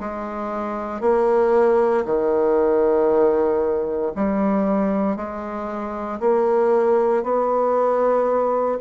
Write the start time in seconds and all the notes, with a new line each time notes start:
0.00 G#3
1.01 A#3
2.05 D#3
4.16 G3
5.16 G#3
6.20 A#3
7.23 B3